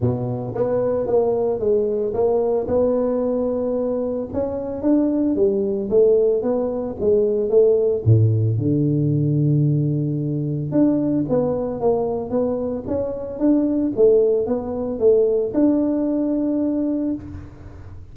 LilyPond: \new Staff \with { instrumentName = "tuba" } { \time 4/4 \tempo 4 = 112 b,4 b4 ais4 gis4 | ais4 b2. | cis'4 d'4 g4 a4 | b4 gis4 a4 a,4 |
d1 | d'4 b4 ais4 b4 | cis'4 d'4 a4 b4 | a4 d'2. | }